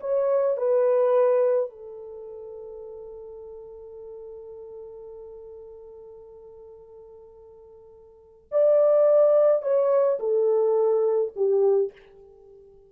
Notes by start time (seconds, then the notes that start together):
0.00 C#5
0.57 B4
1.70 A4
8.51 D5
9.62 C#5
10.19 A4
11.35 G4